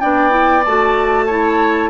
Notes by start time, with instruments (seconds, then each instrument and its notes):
0.00 bassoon B3, clarinet D4, oboe D5, flute G5
0.30 clarinet E4
0.65 bassoon A3, clarinet F#4, flute A5
1.26 clarinet E4, oboe C#5